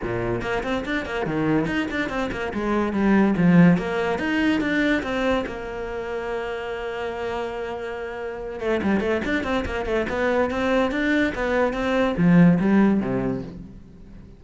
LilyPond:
\new Staff \with { instrumentName = "cello" } { \time 4/4 \tempo 4 = 143 ais,4 ais8 c'8 d'8 ais8 dis4 | dis'8 d'8 c'8 ais8 gis4 g4 | f4 ais4 dis'4 d'4 | c'4 ais2.~ |
ais1~ | ais8 a8 g8 a8 d'8 c'8 ais8 a8 | b4 c'4 d'4 b4 | c'4 f4 g4 c4 | }